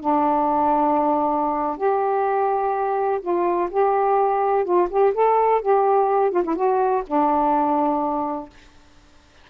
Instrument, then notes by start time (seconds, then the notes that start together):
saxophone
0.00 D4
1.77 G4
3.21 F4
3.71 G4
4.65 F4
4.90 G4
5.14 A4
5.62 G4
6.31 F4
6.44 E4
6.56 F#4
7.07 D4